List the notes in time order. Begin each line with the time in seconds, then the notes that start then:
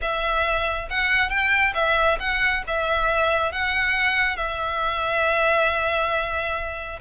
0.01 E5
0.90 F#5
1.29 G5
1.74 E5
2.19 F#5
2.67 E5
3.52 F#5
4.36 E5